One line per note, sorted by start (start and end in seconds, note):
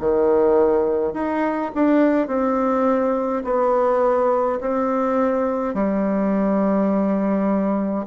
0.00 1.14 D#3
1.14 1.72 D#4
1.75 2.28 D4
2.28 3.43 C4
3.45 4.60 B3
4.60 5.75 C4
5.75 8.06 G3